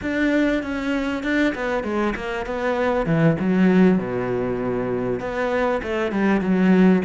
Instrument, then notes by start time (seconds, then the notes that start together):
cello
0.02 D4
0.63 C#4
1.23 D4
1.54 B3
1.83 G#3
2.15 A#3
2.45 B3
3.06 E3
3.39 F#3
3.98 B2
5.20 B3
5.82 A3
6.11 G3
6.41 F#3